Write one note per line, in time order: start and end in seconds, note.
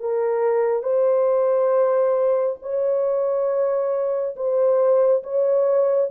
0.00 0.83 A#4
0.83 2.57 C5
2.62 4.36 C#5
4.36 5.23 C5
5.23 6.10 C#5